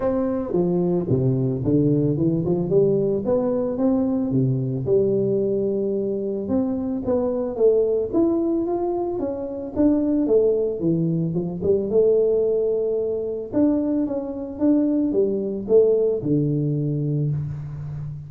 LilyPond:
\new Staff \with { instrumentName = "tuba" } { \time 4/4 \tempo 4 = 111 c'4 f4 c4 d4 | e8 f8 g4 b4 c'4 | c4 g2. | c'4 b4 a4 e'4 |
f'4 cis'4 d'4 a4 | e4 f8 g8 a2~ | a4 d'4 cis'4 d'4 | g4 a4 d2 | }